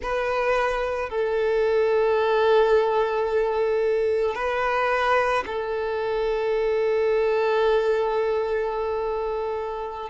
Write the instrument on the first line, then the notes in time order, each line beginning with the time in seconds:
violin
0.02 B4
1.09 A4
4.34 B4
5.46 A4